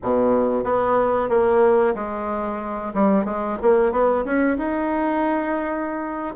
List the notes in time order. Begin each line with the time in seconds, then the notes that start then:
0.03 B2
0.63 B3
1.29 A#3
1.94 G#3
2.94 G3
3.24 G#3
3.62 A#3
3.91 B3
4.24 C#4
4.57 D#4